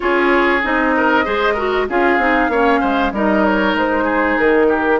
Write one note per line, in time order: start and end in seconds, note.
0.00 0.64 C#4
0.00 0.60 F4
0.00 0.95 G#4
0.00 0.61 C#5
0.63 1.26 C4
0.63 1.24 D#4
0.63 1.89 D#5
0.96 1.24 A#4
1.24 1.89 G#3
1.24 1.55 G#4
1.24 1.54 C5
1.54 1.88 F#4
1.54 1.85 A#4
1.88 2.18 C#4
1.88 2.19 F4
1.88 2.51 G#4
1.88 3.14 F5
2.18 2.48 C4
2.18 2.51 D#4
2.48 2.79 A#3
2.48 3.13 C#4
2.48 2.80 C#5
2.80 3.12 G#3
2.80 3.11 C5
3.12 3.74 G3
3.12 4.99 D#4
3.12 4.04 A#4
3.12 3.44 D#5
3.44 3.76 C#5
3.74 4.36 G#3
3.74 4.38 C5
4.04 4.66 G#4
4.38 4.99 D#3
4.38 4.99 A#4
4.68 4.99 G4